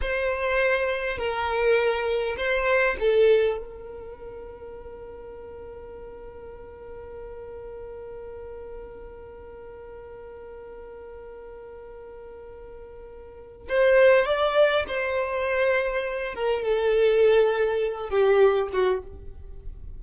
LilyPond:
\new Staff \with { instrumentName = "violin" } { \time 4/4 \tempo 4 = 101 c''2 ais'2 | c''4 a'4 ais'2~ | ais'1~ | ais'1~ |
ais'1~ | ais'2. c''4 | d''4 c''2~ c''8 ais'8 | a'2~ a'8 g'4 fis'8 | }